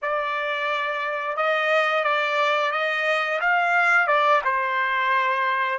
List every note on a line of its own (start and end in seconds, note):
0.02 1.36 D5
1.36 2.04 D#5
2.04 2.71 D5
2.71 3.39 D#5
3.40 4.07 F5
4.07 4.41 D5
4.44 5.78 C5